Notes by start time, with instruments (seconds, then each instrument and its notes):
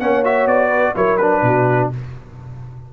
0.00 tuba A#3, trombone C#4, horn C#5, trumpet F#5
0.24 trombone F#4, trumpet E5
0.46 tuba B3, trumpet D5
0.68 horn B4
0.95 tuba F#3, trombone E4, horn A#4, trumpet C#5
1.17 trombone D4, trumpet B4
1.42 tuba B2, horn F#4